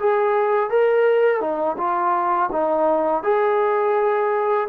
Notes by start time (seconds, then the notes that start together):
0.00 G#4
0.70 A#4
1.41 D#4
1.78 F4
2.52 D#4
3.24 G#4